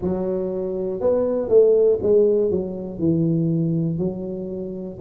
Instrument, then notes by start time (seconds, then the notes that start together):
tuba
0.01 F#3
1.00 B3
1.49 A3
2.02 G#3
2.50 F#3
2.98 E3
3.98 F#3